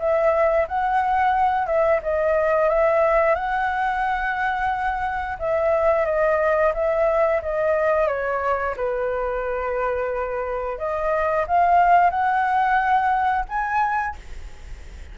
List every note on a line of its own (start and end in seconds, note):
0.00 0.67 E5
0.68 1.67 F#5
1.67 2.01 E5
2.03 2.69 D#5
2.69 3.36 E5
3.36 5.38 F#5
5.39 6.06 E5
6.06 6.73 D#5
6.74 7.42 E5
7.42 8.08 D#5
8.08 8.75 C#5
8.77 10.79 B4
10.79 11.46 D#5
11.48 12.11 F5
12.11 13.46 F#5
13.49 14.16 G#5